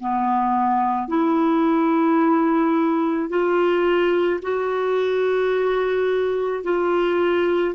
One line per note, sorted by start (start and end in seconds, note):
0.00 1.08 B3
1.08 3.29 E4
3.29 4.40 F4
4.42 6.64 F#4
6.64 7.75 F4